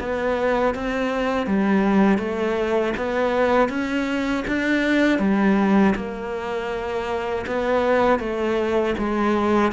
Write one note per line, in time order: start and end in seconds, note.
0.00 0.75 B3
0.75 1.47 C4
1.47 2.18 G3
2.18 2.93 A3
2.97 3.69 B3
3.69 4.44 C#4
4.48 5.19 D4
5.19 5.94 G3
5.96 7.46 A#3
7.47 8.20 B3
8.20 8.95 A3
8.99 9.73 G#3